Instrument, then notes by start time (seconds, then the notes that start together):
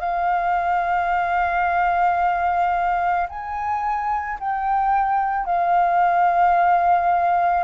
flute
0.00 F5
3.29 G#5
4.39 G5
5.45 F5